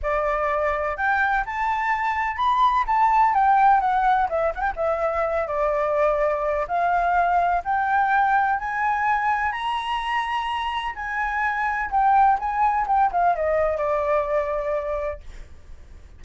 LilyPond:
\new Staff \with { instrumentName = "flute" } { \time 4/4 \tempo 4 = 126 d''2 g''4 a''4~ | a''4 b''4 a''4 g''4 | fis''4 e''8 fis''16 g''16 e''4. d''8~ | d''2 f''2 |
g''2 gis''2 | ais''2. gis''4~ | gis''4 g''4 gis''4 g''8 f''8 | dis''4 d''2. | }